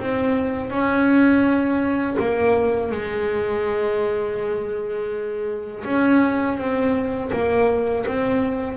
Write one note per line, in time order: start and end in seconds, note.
0.00 0.71 C4
0.71 2.17 C#4
2.20 2.92 A#3
2.92 5.84 G#3
5.85 6.58 C#4
6.58 7.31 C4
7.33 8.06 A#3
8.07 8.78 C4